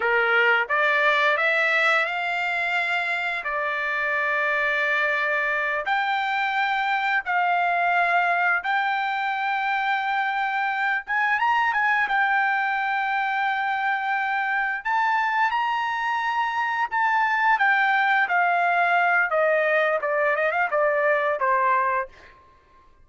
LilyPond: \new Staff \with { instrumentName = "trumpet" } { \time 4/4 \tempo 4 = 87 ais'4 d''4 e''4 f''4~ | f''4 d''2.~ | d''8 g''2 f''4.~ | f''8 g''2.~ g''8 |
gis''8 ais''8 gis''8 g''2~ g''8~ | g''4. a''4 ais''4.~ | ais''8 a''4 g''4 f''4. | dis''4 d''8 dis''16 f''16 d''4 c''4 | }